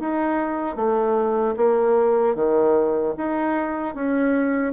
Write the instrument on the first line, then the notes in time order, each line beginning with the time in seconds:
bassoon
0.00 D#4
0.76 A3
1.56 A#3
2.35 D#3
3.18 D#4
3.95 C#4